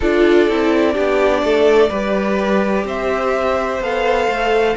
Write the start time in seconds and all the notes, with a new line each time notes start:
0.00 D4 F4 A4 D5
0.48 C4 E4
0.92 B3 D4 G4
1.42 A3 A4
1.89 G3 G4 B4
2.84 C4 C5 E5
3.80 B3 A4 F5
4.28 A3